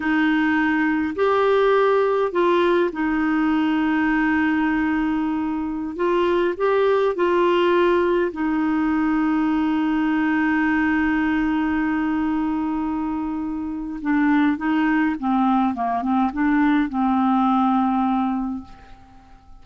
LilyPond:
\new Staff \with { instrumentName = "clarinet" } { \time 4/4 \tempo 4 = 103 dis'2 g'2 | f'4 dis'2.~ | dis'2~ dis'16 f'4 g'8.~ | g'16 f'2 dis'4.~ dis'16~ |
dis'1~ | dis'1 | d'4 dis'4 c'4 ais8 c'8 | d'4 c'2. | }